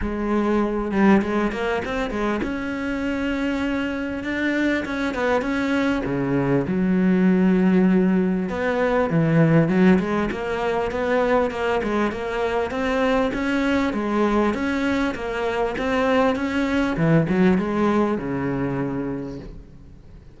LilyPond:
\new Staff \with { instrumentName = "cello" } { \time 4/4 \tempo 4 = 99 gis4. g8 gis8 ais8 c'8 gis8 | cis'2. d'4 | cis'8 b8 cis'4 cis4 fis4~ | fis2 b4 e4 |
fis8 gis8 ais4 b4 ais8 gis8 | ais4 c'4 cis'4 gis4 | cis'4 ais4 c'4 cis'4 | e8 fis8 gis4 cis2 | }